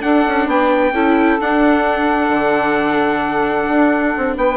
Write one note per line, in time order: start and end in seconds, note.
0.00 0.92 D4
0.00 0.25 D4
0.00 0.47 A4
0.00 0.48 F#5
0.28 0.47 C#4
0.47 0.92 B3
0.47 0.93 B4
0.47 1.41 G5
0.92 1.38 C#4
0.92 1.40 E4
0.92 4.36 A4
1.40 4.58 D4
1.40 2.29 D4
1.40 4.38 F#5
2.29 3.67 D3
3.69 4.15 D4
4.18 4.37 C4
4.37 4.58 B3
4.37 4.58 B4
4.37 4.58 G5